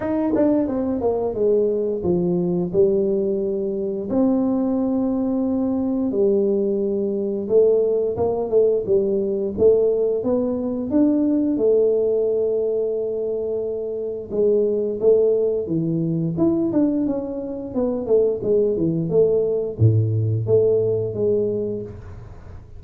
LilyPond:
\new Staff \with { instrumentName = "tuba" } { \time 4/4 \tempo 4 = 88 dis'8 d'8 c'8 ais8 gis4 f4 | g2 c'2~ | c'4 g2 a4 | ais8 a8 g4 a4 b4 |
d'4 a2.~ | a4 gis4 a4 e4 | e'8 d'8 cis'4 b8 a8 gis8 e8 | a4 a,4 a4 gis4 | }